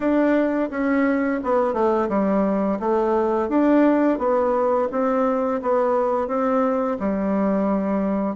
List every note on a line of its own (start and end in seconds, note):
0.00 0.69 D4
0.70 1.40 C#4
1.43 1.73 B3
1.73 2.08 A3
2.09 2.78 G3
2.79 3.48 A3
3.48 4.18 D4
4.18 4.88 B3
4.91 5.61 C4
5.62 6.27 B3
6.27 6.97 C4
6.99 8.35 G3